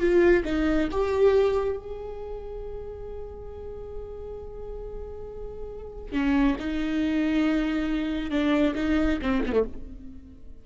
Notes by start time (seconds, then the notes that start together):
0.00 F4
0.45 D#4
0.91 G4
1.77 G#4
6.13 C#4
6.59 D#4
8.31 D4
8.75 D#4
9.22 C4
9.46 B3
9.53 A3